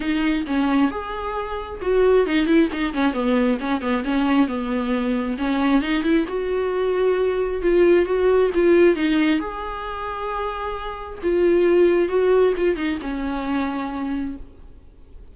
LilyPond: \new Staff \with { instrumentName = "viola" } { \time 4/4 \tempo 4 = 134 dis'4 cis'4 gis'2 | fis'4 dis'8 e'8 dis'8 cis'8 b4 | cis'8 b8 cis'4 b2 | cis'4 dis'8 e'8 fis'2~ |
fis'4 f'4 fis'4 f'4 | dis'4 gis'2.~ | gis'4 f'2 fis'4 | f'8 dis'8 cis'2. | }